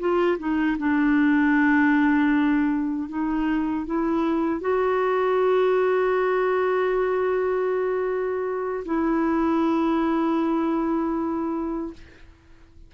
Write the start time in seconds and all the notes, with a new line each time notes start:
0.00 F4
0.39 D#4
0.79 D4
3.09 D#4
3.87 E4
4.61 F#4
8.86 E4